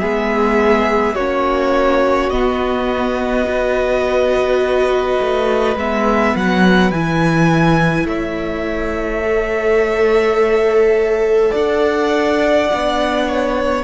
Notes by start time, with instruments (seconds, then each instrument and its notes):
0.00 cello G#3, viola B3, violin G#4 E5
1.15 cello A#3, viola C#4, violin F#4 C#5
2.31 cello B3, viola B3, violin D#5
3.46 viola F#4, violin B4
5.21 cello A3
5.76 cello G#3, viola B3, violin E5
6.36 cello F#3, violin F#5
6.91 cello E3, viola E4, violin G#5
8.05 cello A3, violin C#5 E5
9.23 viola A4
11.51 cello D4, violin D5 F#5
12.72 cello B3, viola D4
13.28 violin C#5